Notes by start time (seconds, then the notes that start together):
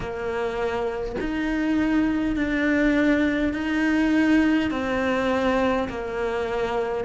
0.00 A#3
1.20 D#4
2.35 D4
3.53 D#4
4.71 C4
5.88 A#3